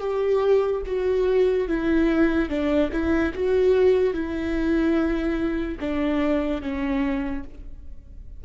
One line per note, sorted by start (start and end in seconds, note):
0.00 0.82 G4
0.86 1.68 F#4
1.68 2.50 E4
2.50 2.91 D4
2.92 3.33 E4
3.34 4.14 F#4
4.14 5.78 E4
5.80 6.62 D4
6.62 7.44 C#4